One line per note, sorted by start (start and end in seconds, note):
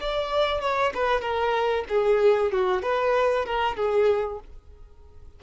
0.00 0.61 D5
0.61 0.92 C#5
0.94 1.21 B4
1.21 1.84 A#4
1.89 2.52 G#4
2.52 2.82 F#4
2.82 3.45 B4
3.46 3.76 A#4
3.76 4.40 G#4